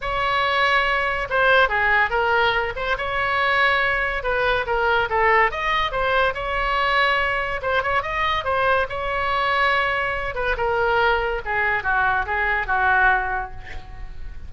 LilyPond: \new Staff \with { instrumentName = "oboe" } { \time 4/4 \tempo 4 = 142 cis''2. c''4 | gis'4 ais'4. c''8 cis''4~ | cis''2 b'4 ais'4 | a'4 dis''4 c''4 cis''4~ |
cis''2 c''8 cis''8 dis''4 | c''4 cis''2.~ | cis''8 b'8 ais'2 gis'4 | fis'4 gis'4 fis'2 | }